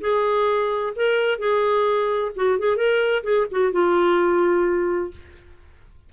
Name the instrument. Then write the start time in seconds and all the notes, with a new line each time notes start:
clarinet
0.00 G#4
0.96 A#4
1.38 G#4
2.36 F#4
2.59 G#4
2.76 A#4
3.23 G#4
3.51 F#4
3.72 F4